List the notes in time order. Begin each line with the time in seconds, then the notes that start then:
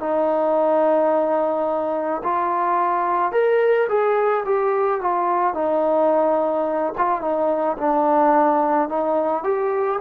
0.00 D#4
2.24 F4
3.32 A#4
3.89 G#4
4.45 G4
5.01 F4
5.55 D#4
6.98 F4
7.22 D#4
7.78 D4
8.89 D#4
9.44 G4